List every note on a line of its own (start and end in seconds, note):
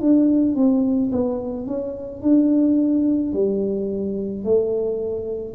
0.00 0.55 D4
0.55 1.11 C4
1.12 1.66 B3
1.66 2.22 C#4
2.22 3.33 D4
3.33 4.44 G3
4.44 5.54 A3